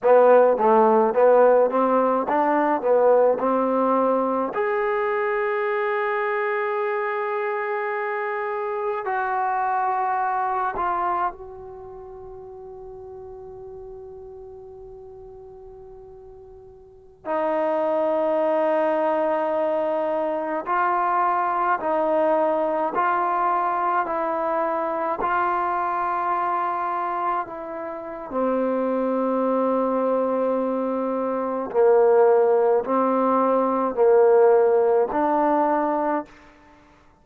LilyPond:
\new Staff \with { instrumentName = "trombone" } { \time 4/4 \tempo 4 = 53 b8 a8 b8 c'8 d'8 b8 c'4 | gis'1 | fis'4. f'8 fis'2~ | fis'2.~ fis'16 dis'8.~ |
dis'2~ dis'16 f'4 dis'8.~ | dis'16 f'4 e'4 f'4.~ f'16~ | f'16 e'8. c'2. | ais4 c'4 ais4 d'4 | }